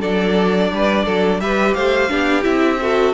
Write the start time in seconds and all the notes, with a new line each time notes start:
0.00 F#3 D4 A4 D5
0.71 G3 B4
1.05 F#3 A4
1.39 G3 G4 B4 E5
1.73 A3 C5 F5
2.08 B3 D4 G4
2.42 C4 E4 E5
2.81 F#4 A4